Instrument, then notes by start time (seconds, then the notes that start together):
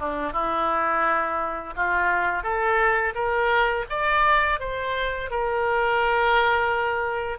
oboe
0.00 D4
0.33 E4
1.77 F4
2.44 A4
3.15 A#4
3.90 D5
4.60 C5
5.31 A#4